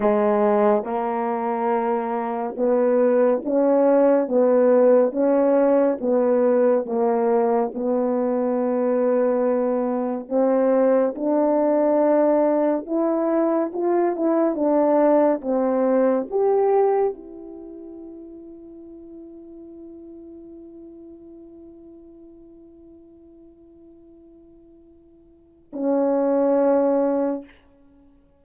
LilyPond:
\new Staff \with { instrumentName = "horn" } { \time 4/4 \tempo 4 = 70 gis4 ais2 b4 | cis'4 b4 cis'4 b4 | ais4 b2. | c'4 d'2 e'4 |
f'8 e'8 d'4 c'4 g'4 | e'1~ | e'1~ | e'2 cis'2 | }